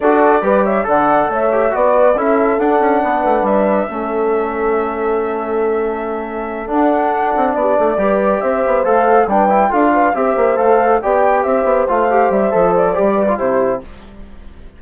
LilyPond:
<<
  \new Staff \with { instrumentName = "flute" } { \time 4/4 \tempo 4 = 139 d''4. e''8 fis''4 e''4 | d''4 e''4 fis''2 | e''1~ | e''2.~ e''8 fis''8~ |
fis''4. d''2 e''8~ | e''8 f''4 g''4 f''4 e''8~ | e''8 f''4 g''4 e''4 f''8~ | f''8 e''4 d''4. c''4 | }
  \new Staff \with { instrumentName = "horn" } { \time 4/4 a'4 b'8 cis''8 d''4 cis''4 | b'4 a'2 b'4~ | b'4 a'2.~ | a'1~ |
a'4. g'8 a'8 b'4 c''8~ | c''4. b'4 a'8 b'8 c''8~ | c''4. d''4 c''4.~ | c''2~ c''8 b'8 g'4 | }
  \new Staff \with { instrumentName = "trombone" } { \time 4/4 fis'4 g'4 a'4. g'8 | fis'4 e'4 d'2~ | d'4 cis'2.~ | cis'2.~ cis'8 d'8~ |
d'2~ d'8 g'4.~ | g'8 a'4 d'8 e'8 f'4 g'8~ | g'8 a'4 g'2 f'8 | g'4 a'4 g'8. f'16 e'4 | }
  \new Staff \with { instrumentName = "bassoon" } { \time 4/4 d'4 g4 d4 a4 | b4 cis'4 d'8 cis'8 b8 a8 | g4 a2.~ | a2.~ a8 d'8~ |
d'4 c'8 b8 a8 g4 c'8 | b8 a4 g4 d'4 c'8 | ais8 a4 b4 c'8 b8 a8~ | a8 g8 f4 g4 c4 | }
>>